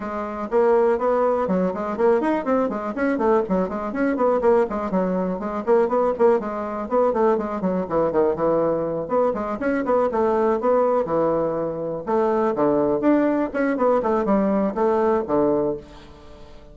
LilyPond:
\new Staff \with { instrumentName = "bassoon" } { \time 4/4 \tempo 4 = 122 gis4 ais4 b4 fis8 gis8 | ais8 dis'8 c'8 gis8 cis'8 a8 fis8 gis8 | cis'8 b8 ais8 gis8 fis4 gis8 ais8 | b8 ais8 gis4 b8 a8 gis8 fis8 |
e8 dis8 e4. b8 gis8 cis'8 | b8 a4 b4 e4.~ | e8 a4 d4 d'4 cis'8 | b8 a8 g4 a4 d4 | }